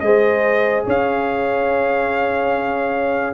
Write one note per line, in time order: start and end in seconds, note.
0.00 0.85 G#3
0.00 3.34 G#4
0.00 0.86 C5
0.00 0.83 D#5
0.86 3.34 C#4
0.86 3.34 C#5
0.86 3.34 F5